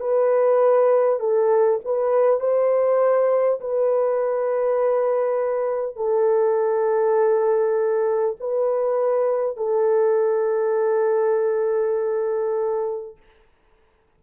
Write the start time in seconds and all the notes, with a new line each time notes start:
0.00 B4
1.19 A4
1.84 B4
2.40 C5
3.60 B4
5.96 A4
8.40 B4
9.56 A4